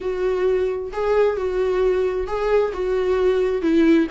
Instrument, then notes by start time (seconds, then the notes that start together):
viola
0.00 F#4
0.92 G#4
1.37 F#4
2.27 G#4
2.73 F#4
3.61 E4